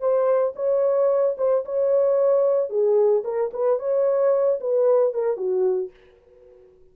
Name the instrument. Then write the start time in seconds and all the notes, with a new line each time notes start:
horn
0.00 C5
0.56 C#5
1.37 C5
1.65 C#5
2.70 G#4
3.24 A#4
3.53 B4
3.79 C#5
4.60 B4
5.14 A#4
5.37 F#4